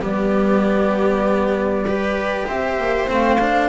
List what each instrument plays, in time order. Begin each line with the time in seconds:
0.00 double bass G3, cello B3, viola G4, flute D5
1.86 cello G4, viola B4
2.47 double bass C4, viola C5, flute E5
2.78 double bass A#3
3.08 double bass A3, cello C4, flute F5
3.40 cello D4